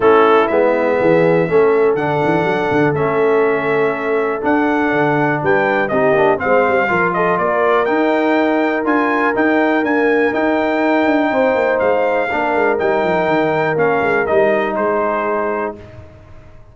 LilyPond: <<
  \new Staff \with { instrumentName = "trumpet" } { \time 4/4 \tempo 4 = 122 a'4 e''2. | fis''2 e''2~ | e''4 fis''2 g''4 | dis''4 f''4. dis''8 d''4 |
g''2 gis''4 g''4 | gis''4 g''2. | f''2 g''2 | f''4 dis''4 c''2 | }
  \new Staff \with { instrumentName = "horn" } { \time 4/4 e'2 gis'4 a'4~ | a'1~ | a'2. b'4 | g'4 c''4 ais'8 a'8 ais'4~ |
ais'1~ | ais'2. c''4~ | c''4 ais'2.~ | ais'2 gis'2 | }
  \new Staff \with { instrumentName = "trombone" } { \time 4/4 cis'4 b2 cis'4 | d'2 cis'2~ | cis'4 d'2. | dis'8 d'8 c'4 f'2 |
dis'2 f'4 dis'4 | ais4 dis'2.~ | dis'4 d'4 dis'2 | cis'4 dis'2. | }
  \new Staff \with { instrumentName = "tuba" } { \time 4/4 a4 gis4 e4 a4 | d8 e8 fis8 d8 a2~ | a4 d'4 d4 g4 | c'8 ais8 gis8 g8 f4 ais4 |
dis'2 d'4 dis'4 | d'4 dis'4. d'8 c'8 ais8 | gis4 ais8 gis8 g8 f8 dis4 | ais8 gis8 g4 gis2 | }
>>